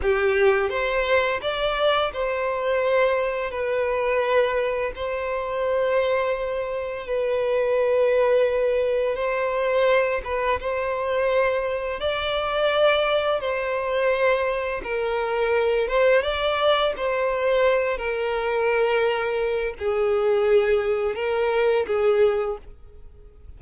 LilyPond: \new Staff \with { instrumentName = "violin" } { \time 4/4 \tempo 4 = 85 g'4 c''4 d''4 c''4~ | c''4 b'2 c''4~ | c''2 b'2~ | b'4 c''4. b'8 c''4~ |
c''4 d''2 c''4~ | c''4 ais'4. c''8 d''4 | c''4. ais'2~ ais'8 | gis'2 ais'4 gis'4 | }